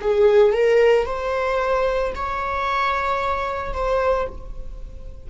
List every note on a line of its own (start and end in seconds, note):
0.00 0.53 G#4
0.53 1.06 A#4
1.06 2.13 C5
2.15 3.73 C#5
3.73 4.27 C5